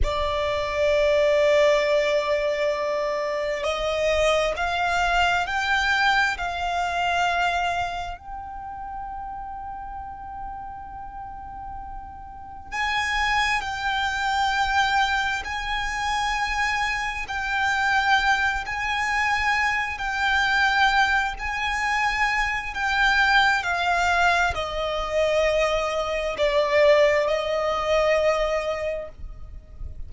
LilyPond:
\new Staff \with { instrumentName = "violin" } { \time 4/4 \tempo 4 = 66 d''1 | dis''4 f''4 g''4 f''4~ | f''4 g''2.~ | g''2 gis''4 g''4~ |
g''4 gis''2 g''4~ | g''8 gis''4. g''4. gis''8~ | gis''4 g''4 f''4 dis''4~ | dis''4 d''4 dis''2 | }